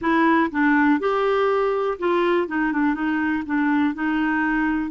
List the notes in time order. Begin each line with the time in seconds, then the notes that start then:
0.01 E4
0.51 D4
0.99 G4
1.98 F4
2.47 D#4
2.72 D4
2.94 D#4
3.46 D4
3.94 D#4